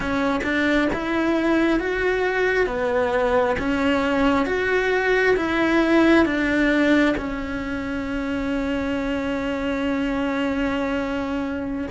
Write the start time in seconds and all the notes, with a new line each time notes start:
0.00 C#4
0.43 D4
0.93 E4
1.79 F#4
2.66 B3
3.58 C#4
4.45 F#4
5.36 E4
6.25 D4
7.17 C#4